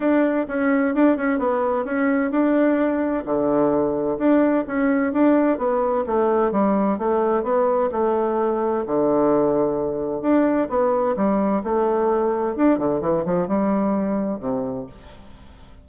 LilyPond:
\new Staff \with { instrumentName = "bassoon" } { \time 4/4 \tempo 4 = 129 d'4 cis'4 d'8 cis'8 b4 | cis'4 d'2 d4~ | d4 d'4 cis'4 d'4 | b4 a4 g4 a4 |
b4 a2 d4~ | d2 d'4 b4 | g4 a2 d'8 d8 | e8 f8 g2 c4 | }